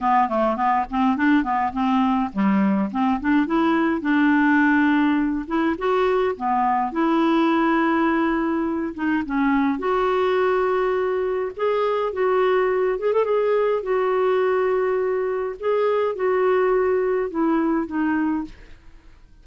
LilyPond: \new Staff \with { instrumentName = "clarinet" } { \time 4/4 \tempo 4 = 104 b8 a8 b8 c'8 d'8 b8 c'4 | g4 c'8 d'8 e'4 d'4~ | d'4. e'8 fis'4 b4 | e'2.~ e'8 dis'8 |
cis'4 fis'2. | gis'4 fis'4. gis'16 a'16 gis'4 | fis'2. gis'4 | fis'2 e'4 dis'4 | }